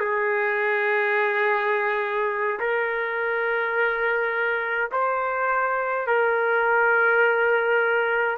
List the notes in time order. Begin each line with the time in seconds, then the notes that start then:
0.00 G#4
2.60 A#4
4.92 C5
6.07 A#4